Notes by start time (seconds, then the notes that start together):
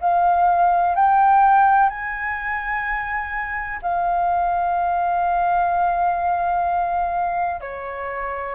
0.00 F5
0.95 G5
1.89 G#5
3.82 F5
7.60 C#5